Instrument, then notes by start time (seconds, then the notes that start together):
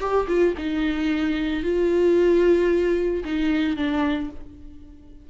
viola
0.00 G4
0.28 F4
0.57 D#4
1.63 F4
3.24 D#4
3.76 D4